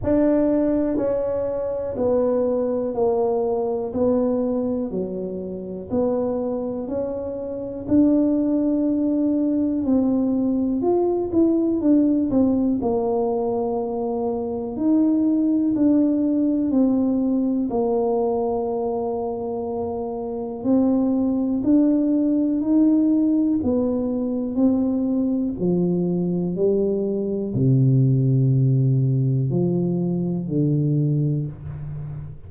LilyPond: \new Staff \with { instrumentName = "tuba" } { \time 4/4 \tempo 4 = 61 d'4 cis'4 b4 ais4 | b4 fis4 b4 cis'4 | d'2 c'4 f'8 e'8 | d'8 c'8 ais2 dis'4 |
d'4 c'4 ais2~ | ais4 c'4 d'4 dis'4 | b4 c'4 f4 g4 | c2 f4 d4 | }